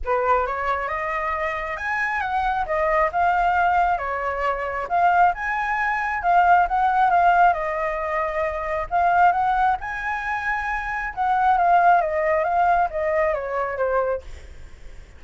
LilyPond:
\new Staff \with { instrumentName = "flute" } { \time 4/4 \tempo 4 = 135 b'4 cis''4 dis''2 | gis''4 fis''4 dis''4 f''4~ | f''4 cis''2 f''4 | gis''2 f''4 fis''4 |
f''4 dis''2. | f''4 fis''4 gis''2~ | gis''4 fis''4 f''4 dis''4 | f''4 dis''4 cis''4 c''4 | }